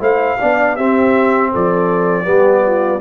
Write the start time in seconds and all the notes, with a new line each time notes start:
0.00 A3 E4 C5 F5
0.39 B3 D4 D5
0.76 C4 G4 E5
1.52 F3 A4 D5
2.24 G3 B3 G4
2.66 F4